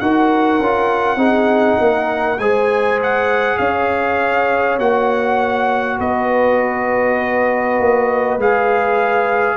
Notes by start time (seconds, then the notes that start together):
0.00 D#4 F#4 A#4 F#5
0.59 C#4 F4
1.16 C4 D#4 G#4
1.79 A#3 A#4
2.39 G#3 G#4 C5 G#5
3.03 F#5
3.58 C#4 C#5 F5
4.79 A#3 F#4 F#5
5.99 B3 B4 D#5
7.79 A#3
8.38 G#3 G#4 F5